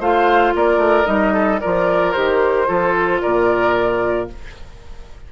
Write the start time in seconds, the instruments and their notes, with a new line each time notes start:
0.00 bassoon A3, clarinet F4, oboe C5, flute F5
0.55 bassoon A#3, oboe A#4, flute D5
0.78 bassoon A3
1.05 bassoon G3, clarinet D#4, flute D#5
1.33 oboe A4
1.60 bassoon F3, clarinet F4, oboe A#4, flute D5
2.12 bassoon D#3, clarinet G4, flute C5
2.67 bassoon F3, clarinet F4, oboe A4
3.22 bassoon A#2, oboe A#4, flute D5